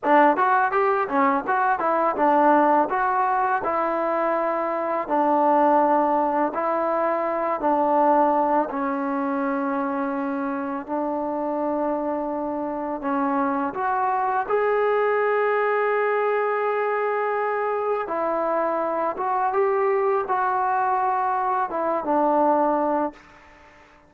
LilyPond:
\new Staff \with { instrumentName = "trombone" } { \time 4/4 \tempo 4 = 83 d'8 fis'8 g'8 cis'8 fis'8 e'8 d'4 | fis'4 e'2 d'4~ | d'4 e'4. d'4. | cis'2. d'4~ |
d'2 cis'4 fis'4 | gis'1~ | gis'4 e'4. fis'8 g'4 | fis'2 e'8 d'4. | }